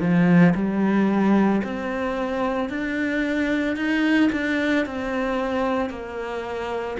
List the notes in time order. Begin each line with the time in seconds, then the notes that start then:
0.00 F3
0.55 G3
1.64 C4
2.69 D4
3.76 D#4
4.32 D4
4.86 C4
5.90 A#3